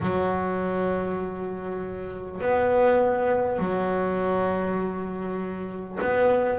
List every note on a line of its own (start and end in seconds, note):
0.01 2.41 F#3
2.41 3.58 B3
3.58 5.98 F#3
6.01 6.59 B3